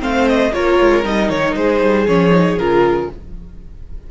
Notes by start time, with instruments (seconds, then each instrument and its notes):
0.00 cello A3, viola C4, violin C5 F5
0.28 violin D#5
0.53 cello A#3, viola F4, violin A#4 C#5
0.80 cello G#3
1.04 cello G3, viola D#4, violin D#5
1.29 cello D#3, violin C#5
1.55 cello G#3, violin G#4 C5
1.82 cello G3
2.07 cello F3, viola C#4, violin C#5
2.31 viola D#4
2.57 cello C#3, viola F4, violin A#4